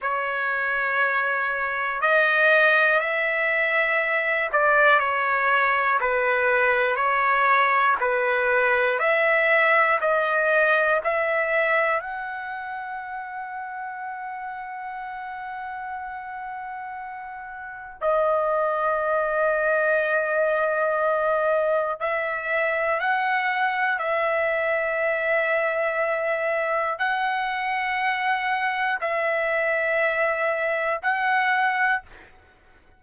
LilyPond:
\new Staff \with { instrumentName = "trumpet" } { \time 4/4 \tempo 4 = 60 cis''2 dis''4 e''4~ | e''8 d''8 cis''4 b'4 cis''4 | b'4 e''4 dis''4 e''4 | fis''1~ |
fis''2 dis''2~ | dis''2 e''4 fis''4 | e''2. fis''4~ | fis''4 e''2 fis''4 | }